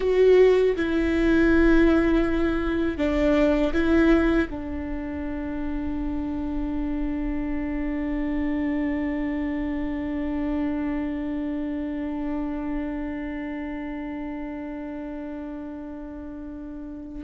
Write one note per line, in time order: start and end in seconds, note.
0.00 0.75 F#4
0.75 2.97 E4
2.97 3.72 D4
3.73 4.48 E4
4.50 17.24 D4